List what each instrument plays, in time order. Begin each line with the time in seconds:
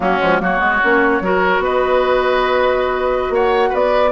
0.00 bassoon F#3, clarinet A#3, oboe C#4, flute F#4
0.19 bassoon F3, clarinet G#3
0.39 bassoon F#3, clarinet A#3, oboe F#4, flute C#5
0.59 bassoon G#3, clarinet B3
0.83 bassoon A#3, clarinet C#4
1.21 bassoon F#3, clarinet F#4, oboe A#4
1.58 bassoon B3, oboe B4, flute D#5
3.29 bassoon A#3, oboe C#5, flute F#5
3.69 bassoon B3, oboe B4, flute D5